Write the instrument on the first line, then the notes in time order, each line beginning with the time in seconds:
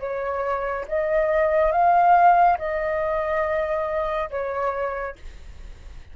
flute
0.00 C#5
0.88 D#5
1.72 F5
2.59 D#5
4.31 C#5